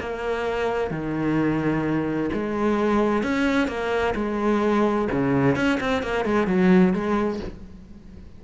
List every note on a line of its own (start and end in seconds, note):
0.00 0.90 A#3
0.90 2.30 D#3
2.33 3.23 G#3
3.23 3.67 C#4
3.67 4.14 A#3
4.15 5.08 G#3
5.11 5.55 C#3
5.55 5.79 C#4
5.80 6.02 C4
6.02 6.25 A#3
6.25 6.47 G#3
6.47 6.93 F#3
6.93 7.40 G#3